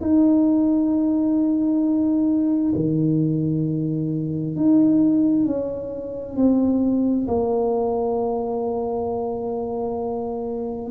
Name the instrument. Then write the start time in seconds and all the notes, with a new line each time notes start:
tuba
0.00 D#4
2.75 D#3
4.55 D#4
5.45 C#4
6.36 C4
7.27 A#3